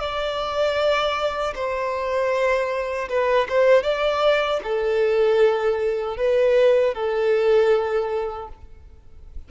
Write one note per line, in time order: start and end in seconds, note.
0.00 1.54 D5
1.55 3.09 C5
3.09 3.48 B4
3.49 3.83 C5
3.83 4.60 D5
4.63 6.17 A4
6.17 6.94 B4
6.94 8.48 A4